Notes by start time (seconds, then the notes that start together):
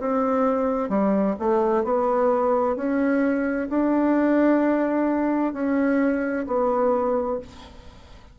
0.00 C4
0.89 G3
1.39 A3
1.84 B3
2.77 C#4
3.70 D4
5.53 C#4
6.47 B3